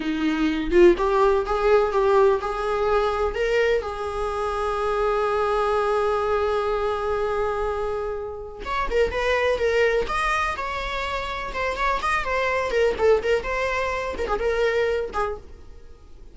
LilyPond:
\new Staff \with { instrumentName = "viola" } { \time 4/4 \tempo 4 = 125 dis'4. f'8 g'4 gis'4 | g'4 gis'2 ais'4 | gis'1~ | gis'1~ |
gis'2 cis''8 ais'8 b'4 | ais'4 dis''4 cis''2 | c''8 cis''8 dis''8 c''4 ais'8 a'8 ais'8 | c''4. ais'16 gis'16 ais'4. gis'8 | }